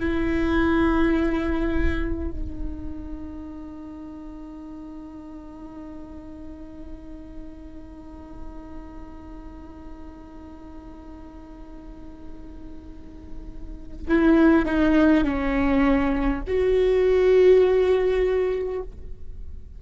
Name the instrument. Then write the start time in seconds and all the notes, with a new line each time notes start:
viola
0.00 E4
2.31 D#4
14.08 E4
14.65 D#4
15.24 C#4
16.47 F#4